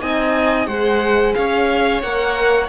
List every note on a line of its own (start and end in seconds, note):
0.00 0.67 C4
0.00 0.67 D#4
0.00 0.67 D#5
0.00 0.67 G#5
0.67 1.34 G#3
0.67 2.02 G#4
0.67 1.35 C5
0.67 1.34 F#5
1.35 2.03 C#4
1.35 2.69 C#5
1.35 2.02 F5
2.02 2.69 A#3
2.02 2.69 A#4
2.02 2.69 F#5